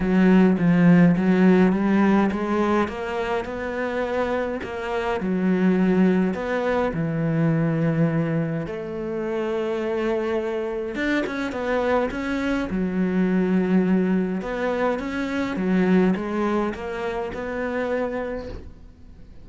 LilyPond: \new Staff \with { instrumentName = "cello" } { \time 4/4 \tempo 4 = 104 fis4 f4 fis4 g4 | gis4 ais4 b2 | ais4 fis2 b4 | e2. a4~ |
a2. d'8 cis'8 | b4 cis'4 fis2~ | fis4 b4 cis'4 fis4 | gis4 ais4 b2 | }